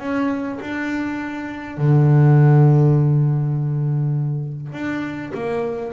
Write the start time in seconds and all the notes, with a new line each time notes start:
0.00 C#4
0.61 D4
1.78 D3
4.73 D4
5.35 A#3